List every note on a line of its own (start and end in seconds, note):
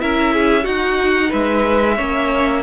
0.00 0.66 C#4
0.00 0.63 E4
0.00 0.34 A#4
0.00 0.65 E5
0.34 0.63 G#4
0.63 1.95 D#4
0.63 1.32 D#4
0.63 1.29 F#4
0.63 1.31 F#5
1.29 1.99 G#3
1.29 1.95 B4
1.29 2.63 E5
1.96 2.63 A#3
1.96 2.63 C#4
1.96 2.62 C#5